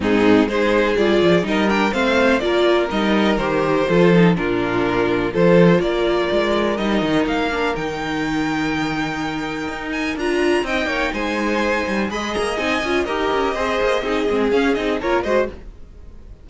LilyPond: <<
  \new Staff \with { instrumentName = "violin" } { \time 4/4 \tempo 4 = 124 gis'4 c''4 d''4 dis''8 g''8 | f''4 d''4 dis''4 c''4~ | c''4 ais'2 c''4 | d''2 dis''4 f''4 |
g''1~ | g''8 gis''8 ais''4 g''4 gis''4~ | gis''4 b''8 ais''8 gis''4 dis''4~ | dis''2 f''8 dis''8 cis''8 dis''8 | }
  \new Staff \with { instrumentName = "violin" } { \time 4/4 dis'4 gis'2 ais'4 | c''4 ais'2. | a'4 f'2 a'4 | ais'1~ |
ais'1~ | ais'2 dis''8 cis''8 c''4~ | c''4 dis''2 ais'4 | c''4 gis'2 ais'8 c''8 | }
  \new Staff \with { instrumentName = "viola" } { \time 4/4 c'4 dis'4 f'4 dis'8 d'8 | c'4 f'4 dis'4 g'4 | f'8 dis'8 d'2 f'4~ | f'2 dis'4. d'8 |
dis'1~ | dis'4 f'4 dis'2~ | dis'4 gis'4 dis'8 f'8 g'4 | gis'4 dis'8 c'8 cis'8 dis'8 f'8 fis'8 | }
  \new Staff \with { instrumentName = "cello" } { \time 4/4 gis,4 gis4 g8 f8 g4 | a4 ais4 g4 dis4 | f4 ais,2 f4 | ais4 gis4 g8 dis8 ais4 |
dis1 | dis'4 d'4 c'8 ais8 gis4~ | gis8 g8 gis8 ais8 c'8 cis'8 dis'8 cis'8 | c'8 ais8 c'8 gis8 cis'8 c'8 ais8 gis8 | }
>>